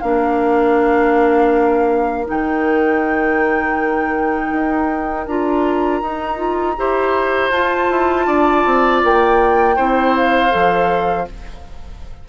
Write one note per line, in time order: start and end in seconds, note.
0.00 2.27 A#3
0.00 2.25 D4
0.00 6.77 A#4
0.00 2.25 F5
2.25 4.52 D#3
2.25 5.25 D#4
2.25 5.26 G5
4.52 5.26 D#4
5.26 6.01 D4
5.26 6.02 F4
5.26 7.51 A#5
6.01 6.76 D#4
6.01 6.36 D#4
6.36 6.74 F4
6.77 7.50 E4
6.77 7.52 G4
6.77 8.26 C5
7.50 7.88 F4
7.50 9.76 F4
7.50 9.01 A5
7.90 8.27 E4
8.26 8.64 D4
8.26 9.76 D5
8.65 9.03 C4
9.03 9.78 A#3
9.03 10.16 G5
9.76 10.53 C4
9.76 10.50 E4
9.76 11.26 C5
10.16 11.28 F5
10.50 11.28 F3
10.50 11.25 A4